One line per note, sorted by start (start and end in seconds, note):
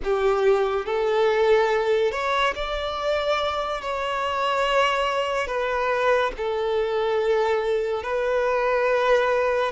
0.03 0.85 G4
0.85 2.11 A4
2.11 2.54 C#5
2.55 3.81 D5
3.81 5.47 C#5
5.47 6.31 B4
6.37 8.03 A4
8.03 9.71 B4